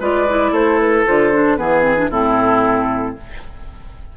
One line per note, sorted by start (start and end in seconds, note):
0.00 0.51 G#3
0.00 0.27 F4
0.00 0.51 B4
0.00 0.54 D5
0.29 1.06 E4
0.51 1.04 A3
0.51 1.57 A4
0.51 0.79 C5
0.79 1.05 B4
1.06 1.59 D3
1.06 1.32 F4
1.06 1.56 C5
1.32 1.58 D4
1.56 2.10 E3
1.56 1.82 B3
1.56 2.10 G#4
1.56 2.09 B4
1.82 1.95 C4
1.96 2.09 D4
2.10 3.15 A2
2.10 3.17 C4
2.10 3.15 E4
2.10 3.16 A4